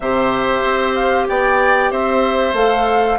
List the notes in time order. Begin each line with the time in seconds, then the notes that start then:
0.00 C3 G4 C5 E5
0.63 C4
0.94 F5
1.28 B3 D5 G5
1.91 C4 C5 E5
2.53 A3 A4 F5